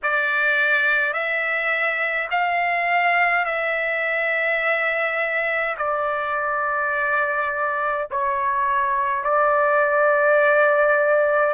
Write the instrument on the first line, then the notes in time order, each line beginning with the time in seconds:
trumpet
0.03 D5
1.13 E5
2.31 F5
3.45 E5
5.77 D5
8.10 C#5
9.24 D5